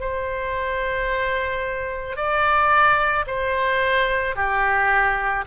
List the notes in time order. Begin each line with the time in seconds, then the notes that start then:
0.00 C5
2.16 D5
3.27 C5
4.35 G4